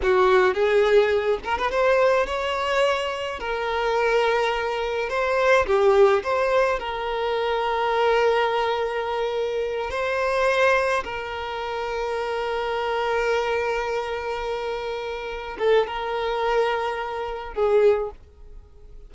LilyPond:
\new Staff \with { instrumentName = "violin" } { \time 4/4 \tempo 4 = 106 fis'4 gis'4. ais'16 b'16 c''4 | cis''2 ais'2~ | ais'4 c''4 g'4 c''4 | ais'1~ |
ais'4. c''2 ais'8~ | ais'1~ | ais'2.~ ais'8 a'8 | ais'2. gis'4 | }